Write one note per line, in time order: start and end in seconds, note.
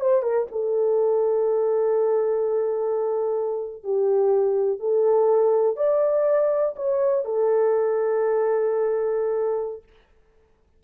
0.00 0.22 C5
0.22 0.47 A#4
0.51 3.83 A4
3.83 4.79 G4
4.79 5.76 A4
5.76 6.74 D5
6.76 7.25 C#5
7.25 9.83 A4